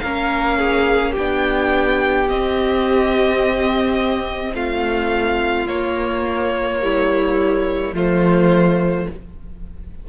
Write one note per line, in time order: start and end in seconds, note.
0.00 1.17 A#3
0.00 1.17 C#4
0.00 0.58 A#4
0.00 1.13 F5
0.58 1.12 G#4
1.12 2.29 B3
1.12 4.52 G4
1.12 2.29 G5
1.18 2.30 D4
2.29 4.54 C4
2.29 5.68 C4
2.29 4.55 D#5
4.54 5.67 A3
4.54 6.81 F4
4.54 5.68 F5
5.67 7.93 A#3
5.67 6.81 A#3
5.67 7.95 C#5
6.82 7.95 G3
6.82 7.95 E4
7.93 9.06 F3
7.93 9.08 A3
7.93 9.08 F4
7.93 9.09 C5